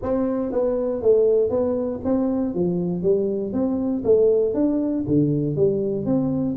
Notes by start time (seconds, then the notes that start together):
0.02 C4
0.52 B3
1.02 A3
1.50 B3
2.04 C4
2.54 F3
3.02 G3
3.52 C4
4.04 A3
4.54 D4
5.07 D3
5.56 G3
6.05 C4